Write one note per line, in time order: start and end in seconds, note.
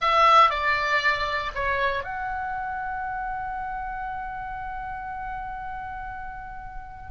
0.01 0.50 E5
0.50 1.51 D5
1.54 2.03 C#5
2.03 7.11 F#5